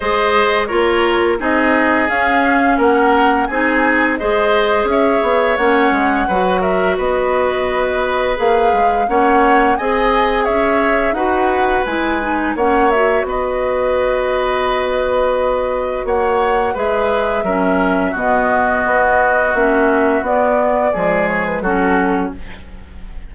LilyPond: <<
  \new Staff \with { instrumentName = "flute" } { \time 4/4 \tempo 4 = 86 dis''4 cis''4 dis''4 f''4 | fis''4 gis''4 dis''4 e''4 | fis''4. e''8 dis''2 | f''4 fis''4 gis''4 e''4 |
fis''4 gis''4 fis''8 e''8 dis''4~ | dis''2. fis''4 | e''2 dis''2 | e''4 d''4. cis''16 b'16 a'4 | }
  \new Staff \with { instrumentName = "oboe" } { \time 4/4 c''4 ais'4 gis'2 | ais'4 gis'4 c''4 cis''4~ | cis''4 b'8 ais'8 b'2~ | b'4 cis''4 dis''4 cis''4 |
b'2 cis''4 b'4~ | b'2. cis''4 | b'4 ais'4 fis'2~ | fis'2 gis'4 fis'4 | }
  \new Staff \with { instrumentName = "clarinet" } { \time 4/4 gis'4 f'4 dis'4 cis'4~ | cis'4 dis'4 gis'2 | cis'4 fis'2. | gis'4 cis'4 gis'2 |
fis'4 e'8 dis'8 cis'8 fis'4.~ | fis'1 | gis'4 cis'4 b2 | cis'4 b4 gis4 cis'4 | }
  \new Staff \with { instrumentName = "bassoon" } { \time 4/4 gis4 ais4 c'4 cis'4 | ais4 c'4 gis4 cis'8 b8 | ais8 gis8 fis4 b2 | ais8 gis8 ais4 c'4 cis'4 |
dis'4 gis4 ais4 b4~ | b2. ais4 | gis4 fis4 b,4 b4 | ais4 b4 f4 fis4 | }
>>